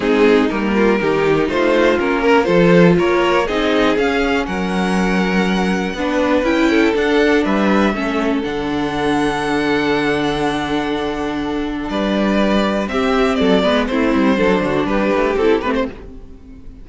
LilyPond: <<
  \new Staff \with { instrumentName = "violin" } { \time 4/4 \tempo 4 = 121 gis'4 ais'2 c''4 | ais'4 c''4 cis''4 dis''4 | f''4 fis''2.~ | fis''4 g''4 fis''4 e''4~ |
e''4 fis''2.~ | fis''1 | d''2 e''4 d''4 | c''2 b'4 a'8 b'16 c''16 | }
  \new Staff \with { instrumentName = "violin" } { \time 4/4 dis'4. f'8 g'4 f'4~ | f'8 ais'8 a'4 ais'4 gis'4~ | gis'4 ais'2. | b'4. a'4. b'4 |
a'1~ | a'1 | b'2 g'4 a'8 b'8 | e'4 a'8 fis'8 g'2 | }
  \new Staff \with { instrumentName = "viola" } { \time 4/4 c'4 ais4 dis'2 | cis'4 f'2 dis'4 | cis'1 | d'4 e'4 d'2 |
cis'4 d'2.~ | d'1~ | d'2 c'4. b8 | c'4 d'2 e'8 c'8 | }
  \new Staff \with { instrumentName = "cello" } { \time 4/4 gis4 g4 dis4 a4 | ais4 f4 ais4 c'4 | cis'4 fis2. | b4 cis'4 d'4 g4 |
a4 d2.~ | d1 | g2 c'4 fis8 gis8 | a8 g8 fis8 d8 g8 a8 c'8 a8 | }
>>